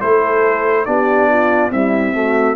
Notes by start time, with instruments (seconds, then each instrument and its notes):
0.00 tuba A3, trombone E4, horn A4, trumpet C5
0.85 tuba B3, trombone D4, horn G4, trumpet D5
1.30 horn F4
1.71 trombone G3, tuba C4, horn E4, trumpet E5
2.13 trombone A3, horn F#4